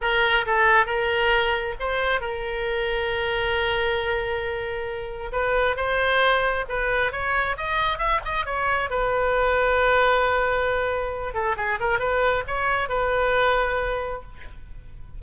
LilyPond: \new Staff \with { instrumentName = "oboe" } { \time 4/4 \tempo 4 = 135 ais'4 a'4 ais'2 | c''4 ais'2.~ | ais'1 | b'4 c''2 b'4 |
cis''4 dis''4 e''8 dis''8 cis''4 | b'1~ | b'4. a'8 gis'8 ais'8 b'4 | cis''4 b'2. | }